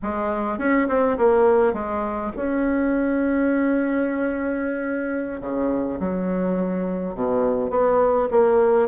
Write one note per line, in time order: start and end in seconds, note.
0.02 0.58 G#3
0.58 0.87 C#4
0.88 1.17 C4
1.17 1.73 A#3
1.73 2.31 G#3
2.36 5.40 C#4
5.40 5.99 C#3
5.99 7.15 F#3
7.15 7.70 B2
7.70 8.28 B3
8.30 8.88 A#3